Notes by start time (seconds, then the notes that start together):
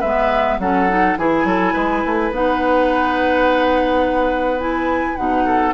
0.00 G#3 B3 B4 E5
0.59 F#3 C#4 A4 F#5
0.89 D#4
1.17 E3 E4 G#4 G#5
1.44 F#3 A4
1.73 G#3 B4
2.06 A3
2.31 B3 D#4 F#5
4.60 E4 G#5
5.16 B2 D#4 F#5
5.46 A4